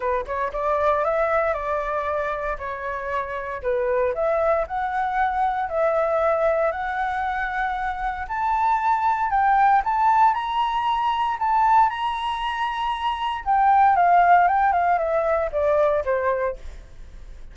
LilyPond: \new Staff \with { instrumentName = "flute" } { \time 4/4 \tempo 4 = 116 b'8 cis''8 d''4 e''4 d''4~ | d''4 cis''2 b'4 | e''4 fis''2 e''4~ | e''4 fis''2. |
a''2 g''4 a''4 | ais''2 a''4 ais''4~ | ais''2 g''4 f''4 | g''8 f''8 e''4 d''4 c''4 | }